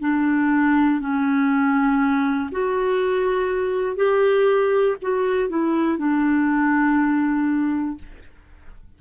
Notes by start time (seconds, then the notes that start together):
0.00 D4
1.00 C#4
2.52 F#4
3.96 G4
5.02 F#4
5.49 E4
5.98 D4